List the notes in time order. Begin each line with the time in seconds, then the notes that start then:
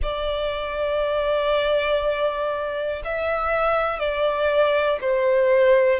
0.02 D5
3.04 E5
3.99 D5
5.01 C5